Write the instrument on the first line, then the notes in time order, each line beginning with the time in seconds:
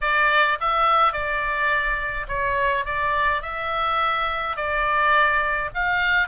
oboe
0.01 D5
0.60 E5
1.12 D5
2.28 C#5
2.85 D5
3.42 E5
4.56 D5
5.74 F5